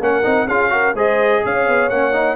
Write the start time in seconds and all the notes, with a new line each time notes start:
0.00 A#3 C#4 A#4 F#5
0.24 C4 D#4
0.47 C#4 F4 G#4 F5
0.70 F#4 A#4
0.94 G#3 G#4 C5 D#5
1.44 C#4 C#5 F5
1.67 B3
1.89 A#3 C#4 F#5
2.13 D#4